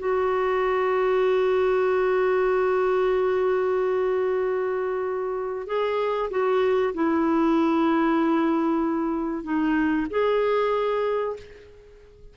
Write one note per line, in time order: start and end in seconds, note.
0.00 5.68 F#4
5.68 6.31 G#4
6.31 6.94 F#4
6.94 9.44 E4
9.44 10.07 D#4
10.11 11.37 G#4